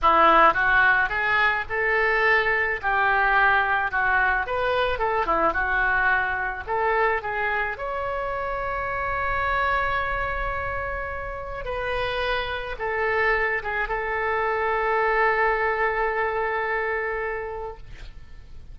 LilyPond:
\new Staff \with { instrumentName = "oboe" } { \time 4/4 \tempo 4 = 108 e'4 fis'4 gis'4 a'4~ | a'4 g'2 fis'4 | b'4 a'8 e'8 fis'2 | a'4 gis'4 cis''2~ |
cis''1~ | cis''4 b'2 a'4~ | a'8 gis'8 a'2.~ | a'1 | }